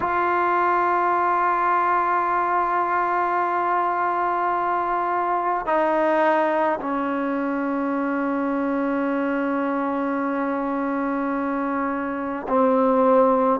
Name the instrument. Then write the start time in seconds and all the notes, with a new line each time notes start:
trombone
0.00 F4
5.66 D#4
6.80 C#4
12.48 C4